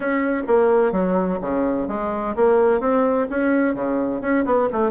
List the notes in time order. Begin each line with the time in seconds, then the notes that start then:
0.00 C#4
0.47 A#3
0.92 F#3
1.41 C#3
1.88 G#3
2.35 A#3
2.80 C4
3.30 C#4
3.74 C#3
4.21 C#4
4.45 B3
4.72 A3